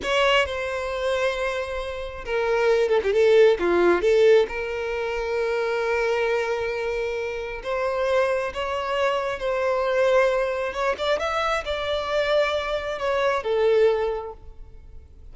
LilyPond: \new Staff \with { instrumentName = "violin" } { \time 4/4 \tempo 4 = 134 cis''4 c''2.~ | c''4 ais'4. a'16 g'16 a'4 | f'4 a'4 ais'2~ | ais'1~ |
ais'4 c''2 cis''4~ | cis''4 c''2. | cis''8 d''8 e''4 d''2~ | d''4 cis''4 a'2 | }